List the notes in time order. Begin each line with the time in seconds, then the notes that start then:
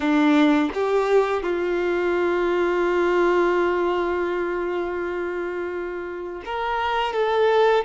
0.00 D4
0.74 G4
1.43 F4
6.44 A#4
7.13 A4